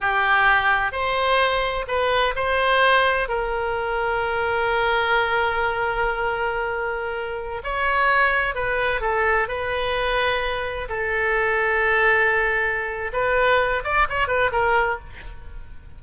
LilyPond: \new Staff \with { instrumentName = "oboe" } { \time 4/4 \tempo 4 = 128 g'2 c''2 | b'4 c''2 ais'4~ | ais'1~ | ais'1~ |
ais'16 cis''2 b'4 a'8.~ | a'16 b'2. a'8.~ | a'1 | b'4. d''8 cis''8 b'8 ais'4 | }